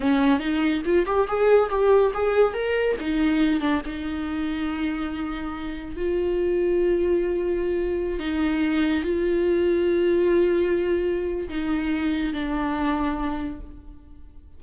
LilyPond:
\new Staff \with { instrumentName = "viola" } { \time 4/4 \tempo 4 = 141 cis'4 dis'4 f'8 g'8 gis'4 | g'4 gis'4 ais'4 dis'4~ | dis'8 d'8 dis'2.~ | dis'2 f'2~ |
f'2.~ f'16 dis'8.~ | dis'4~ dis'16 f'2~ f'8.~ | f'2. dis'4~ | dis'4 d'2. | }